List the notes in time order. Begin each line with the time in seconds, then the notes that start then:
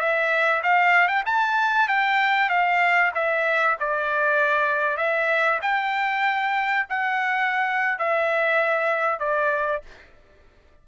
0.00 E5
0.63 F5
1.08 G5
1.26 A5
1.89 G5
2.50 F5
3.15 E5
3.80 D5
4.97 E5
5.62 G5
6.90 F#5
7.99 E5
9.20 D5